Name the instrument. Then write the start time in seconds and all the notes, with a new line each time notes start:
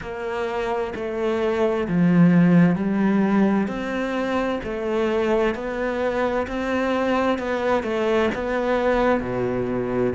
cello
0.01 A#3
0.95 A3
1.88 F3
2.75 G3
3.67 C4
4.63 A3
5.54 B3
6.47 C4
7.38 B3
7.83 A3
8.34 B3
9.20 B2